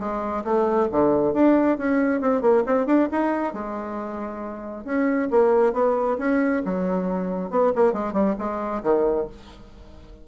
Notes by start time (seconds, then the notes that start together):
0.00 G#3
0.45 A3
0.92 D3
1.34 D4
1.78 C#4
2.22 C4
2.42 A#3
2.67 C4
2.87 D4
3.12 D#4
3.54 G#3
4.85 C#4
5.31 A#3
5.74 B3
6.19 C#4
6.65 F#3
7.51 B3
7.76 A#3
7.94 G#3
8.14 G3
8.39 G#3
8.83 D#3